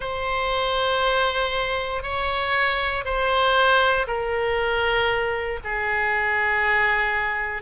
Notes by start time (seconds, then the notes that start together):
0.00 C5
2.02 C#5
3.05 C5
4.07 A#4
5.64 G#4